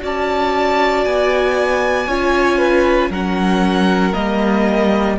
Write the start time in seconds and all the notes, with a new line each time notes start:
0.00 C#4 F#4 D5 A5
1.05 B3 G#5
2.07 C#4 F4 C#5
2.58 B4
3.10 F#3 C#4 A#4 F#5
4.13 G3 A#3 D#5